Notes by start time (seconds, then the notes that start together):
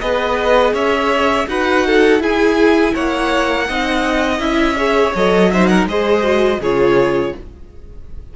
0.00 B3 G#4 B4 D#5
0.73 C#4 C#5 E5
1.47 D#4 F#4 B4 F#5
1.87 A4
2.20 E4 G#4 G#5
2.94 A#3 C#5 F#5
3.69 C4 D#4 D#5
4.38 C#4 E4 E5
4.77 G#4 C#5
5.15 F#3 A4 D#5
5.52 D#4 C5 E5
5.67 A#4 F#5
5.86 G#3 G#4 C5 D#5
6.22 F#4
6.59 C#3 F4 G#4 C#5